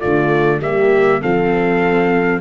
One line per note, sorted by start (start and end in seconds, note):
0.00 0.61 D3
0.00 0.61 A3
0.00 0.60 F4
0.00 0.60 D5
0.61 1.21 G3
0.61 1.22 A#3
0.61 1.21 G4
0.61 1.22 E5
1.21 2.41 F3
1.21 2.41 C4
1.21 2.41 A4
1.21 2.41 F5